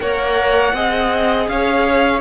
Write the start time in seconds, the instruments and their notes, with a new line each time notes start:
0.00 cello A#3, viola A#4, violin C#5 F#5
0.73 cello C4, viola G#4, violin D#5
1.48 cello C#4, violin C#5 F5